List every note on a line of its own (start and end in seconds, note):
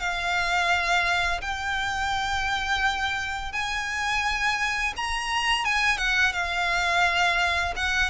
0.00 1.41 F5
1.41 3.53 G5
3.53 4.94 G#5
4.96 5.65 A#5
5.65 5.98 G#5
5.98 6.33 F#5
6.33 7.74 F5
7.76 8.10 F#5